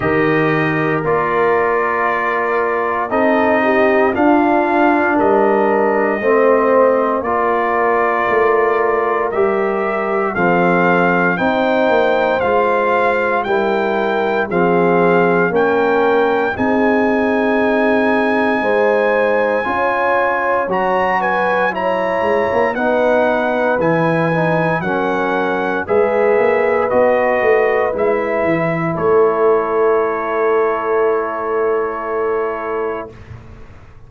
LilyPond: <<
  \new Staff \with { instrumentName = "trumpet" } { \time 4/4 \tempo 4 = 58 dis''4 d''2 dis''4 | f''4 dis''2 d''4~ | d''4 e''4 f''4 g''4 | f''4 g''4 f''4 g''4 |
gis''1 | ais''8 gis''8 ais''4 fis''4 gis''4 | fis''4 e''4 dis''4 e''4 | cis''1 | }
  \new Staff \with { instrumentName = "horn" } { \time 4/4 ais'2. a'8 g'8 | f'4 ais'4 c''4 ais'4~ | ais'2 a'4 c''4~ | c''4 ais'4 gis'4 ais'4 |
gis'2 c''4 cis''4~ | cis''8 b'8 cis''4 b'2 | ais'4 b'2. | a'1 | }
  \new Staff \with { instrumentName = "trombone" } { \time 4/4 g'4 f'2 dis'4 | d'2 c'4 f'4~ | f'4 g'4 c'4 dis'4 | f'4 e'4 c'4 cis'4 |
dis'2. f'4 | fis'4 e'4 dis'4 e'8 dis'8 | cis'4 gis'4 fis'4 e'4~ | e'1 | }
  \new Staff \with { instrumentName = "tuba" } { \time 4/4 dis4 ais2 c'4 | d'4 g4 a4 ais4 | a4 g4 f4 c'8 ais8 | gis4 g4 f4 ais4 |
c'2 gis4 cis'4 | fis4. gis16 ais16 b4 e4 | fis4 gis8 ais8 b8 a8 gis8 e8 | a1 | }
>>